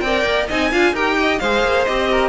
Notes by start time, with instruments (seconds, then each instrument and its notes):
0.00 cello C4, violin D5 G5
0.06 viola A#4
0.25 cello A#3
0.48 cello C4, viola D#4, violin D#5 G#5
0.71 cello D4, viola F4, violin F5
0.93 cello D#4, viola G4, violin A#4 G5
1.20 violin D#5
1.39 cello G#3, viola G#4, violin C5 F5
1.63 cello A#3
1.84 cello C4, viola G4, violin D#5
2.11 violin A#4